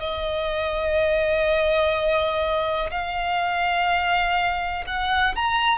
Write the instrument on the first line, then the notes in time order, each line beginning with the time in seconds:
violin
0.00 D#5
2.91 F5
4.87 F#5
5.36 A#5